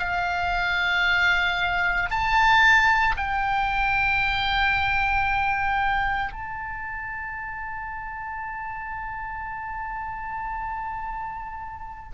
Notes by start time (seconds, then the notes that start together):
0.00 F5
2.11 A5
3.17 G5
6.33 A5